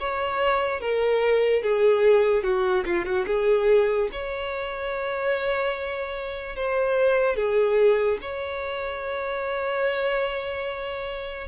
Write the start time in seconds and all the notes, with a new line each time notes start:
0.00 C#5
0.81 A#4
1.63 G#4
2.44 F#4
2.85 F4
3.05 F#4
3.27 G#4
4.12 C#5
6.56 C5
7.36 G#4
8.22 C#5